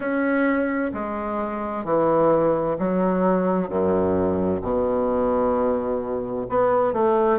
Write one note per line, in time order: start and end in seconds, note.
0.00 0.91 C#4
0.93 1.84 G#3
1.84 2.77 E3
2.79 3.68 F#3
3.68 4.61 F#2
4.62 6.46 B2
6.49 6.93 B3
6.93 7.39 A3